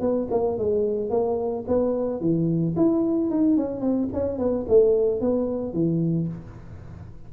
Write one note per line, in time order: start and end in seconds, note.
0.00 0.27 B3
0.30 0.58 A#3
0.58 1.10 G#3
1.10 1.64 A#3
1.67 2.20 B3
2.20 2.75 E3
2.76 3.30 E4
3.30 3.57 D#4
3.57 3.81 C#4
3.81 4.08 C4
4.13 4.38 C#4
4.38 4.65 B3
4.68 5.20 A3
5.20 5.73 B3
5.73 6.27 E3